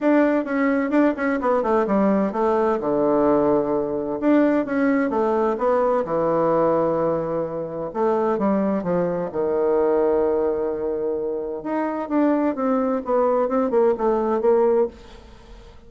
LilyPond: \new Staff \with { instrumentName = "bassoon" } { \time 4/4 \tempo 4 = 129 d'4 cis'4 d'8 cis'8 b8 a8 | g4 a4 d2~ | d4 d'4 cis'4 a4 | b4 e2.~ |
e4 a4 g4 f4 | dis1~ | dis4 dis'4 d'4 c'4 | b4 c'8 ais8 a4 ais4 | }